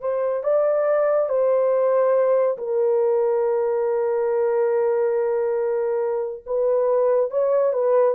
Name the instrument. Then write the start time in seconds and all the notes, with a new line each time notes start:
horn
0.00 C5
0.43 D5
1.29 C5
2.58 A#4
6.46 B4
7.30 C#5
7.73 B4